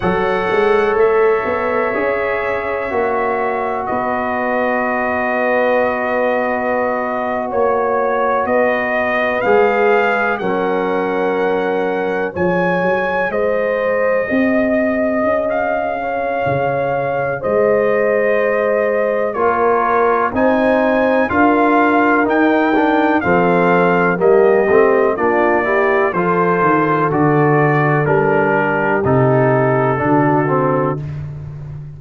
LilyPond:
<<
  \new Staff \with { instrumentName = "trumpet" } { \time 4/4 \tempo 4 = 62 fis''4 e''2. | dis''2.~ dis''8. cis''16~ | cis''8. dis''4 f''4 fis''4~ fis''16~ | fis''8. gis''4 dis''2~ dis''16 |
f''2 dis''2 | cis''4 gis''4 f''4 g''4 | f''4 dis''4 d''4 c''4 | d''4 ais'4 a'2 | }
  \new Staff \with { instrumentName = "horn" } { \time 4/4 cis''1 | b'2.~ b'8. cis''16~ | cis''8. b'2 ais'4~ ais'16~ | ais'8. cis''4 c''4 dis''4~ dis''16~ |
dis''8 cis''4. c''2 | ais'4 c''4 ais'2 | a'4 g'4 f'8 g'8 a'4~ | a'4. g'4. fis'4 | }
  \new Staff \with { instrumentName = "trombone" } { \time 4/4 a'2 gis'4 fis'4~ | fis'1~ | fis'4.~ fis'16 gis'4 cis'4~ cis'16~ | cis'8. gis'2.~ gis'16~ |
gis'1 | f'4 dis'4 f'4 dis'8 d'8 | c'4 ais8 c'8 d'8 e'8 f'4 | fis'4 d'4 dis'4 d'8 c'8 | }
  \new Staff \with { instrumentName = "tuba" } { \time 4/4 fis8 gis8 a8 b8 cis'4 ais4 | b2.~ b8. ais16~ | ais8. b4 gis4 fis4~ fis16~ | fis8. f8 fis8 gis4 c'4 cis'16~ |
cis'4 cis4 gis2 | ais4 c'4 d'4 dis'4 | f4 g8 a8 ais4 f8 dis8 | d4 g4 c4 d4 | }
>>